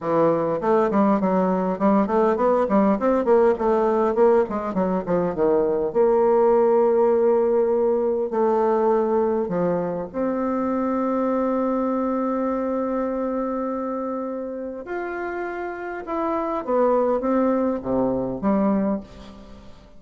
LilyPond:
\new Staff \with { instrumentName = "bassoon" } { \time 4/4 \tempo 4 = 101 e4 a8 g8 fis4 g8 a8 | b8 g8 c'8 ais8 a4 ais8 gis8 | fis8 f8 dis4 ais2~ | ais2 a2 |
f4 c'2.~ | c'1~ | c'4 f'2 e'4 | b4 c'4 c4 g4 | }